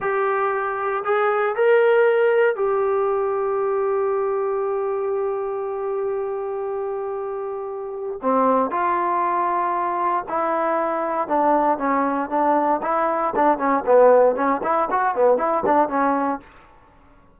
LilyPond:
\new Staff \with { instrumentName = "trombone" } { \time 4/4 \tempo 4 = 117 g'2 gis'4 ais'4~ | ais'4 g'2.~ | g'1~ | g'1 |
c'4 f'2. | e'2 d'4 cis'4 | d'4 e'4 d'8 cis'8 b4 | cis'8 e'8 fis'8 b8 e'8 d'8 cis'4 | }